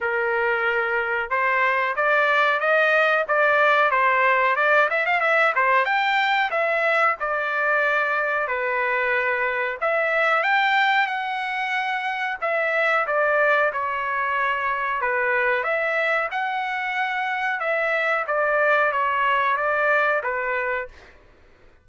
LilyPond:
\new Staff \with { instrumentName = "trumpet" } { \time 4/4 \tempo 4 = 92 ais'2 c''4 d''4 | dis''4 d''4 c''4 d''8 e''16 f''16 | e''8 c''8 g''4 e''4 d''4~ | d''4 b'2 e''4 |
g''4 fis''2 e''4 | d''4 cis''2 b'4 | e''4 fis''2 e''4 | d''4 cis''4 d''4 b'4 | }